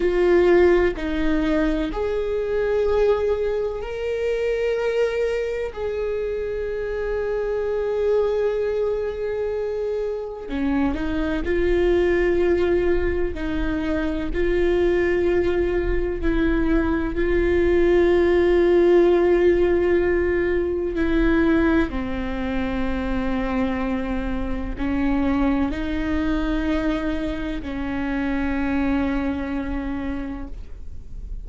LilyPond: \new Staff \with { instrumentName = "viola" } { \time 4/4 \tempo 4 = 63 f'4 dis'4 gis'2 | ais'2 gis'2~ | gis'2. cis'8 dis'8 | f'2 dis'4 f'4~ |
f'4 e'4 f'2~ | f'2 e'4 c'4~ | c'2 cis'4 dis'4~ | dis'4 cis'2. | }